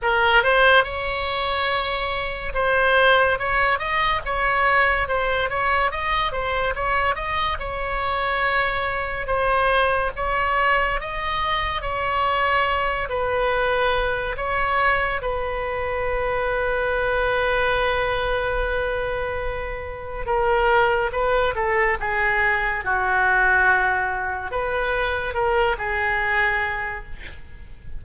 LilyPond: \new Staff \with { instrumentName = "oboe" } { \time 4/4 \tempo 4 = 71 ais'8 c''8 cis''2 c''4 | cis''8 dis''8 cis''4 c''8 cis''8 dis''8 c''8 | cis''8 dis''8 cis''2 c''4 | cis''4 dis''4 cis''4. b'8~ |
b'4 cis''4 b'2~ | b'1 | ais'4 b'8 a'8 gis'4 fis'4~ | fis'4 b'4 ais'8 gis'4. | }